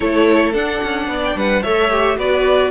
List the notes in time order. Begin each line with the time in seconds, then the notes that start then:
0.00 A3 E4 A4 C#5
0.53 D4 F#5
0.83 C#4
1.07 B3 D5
1.24 G5
1.35 G3 B4 F#5
1.62 A3 A4 C#5 E5
1.90 G4
2.16 B3 F#4 B4 D5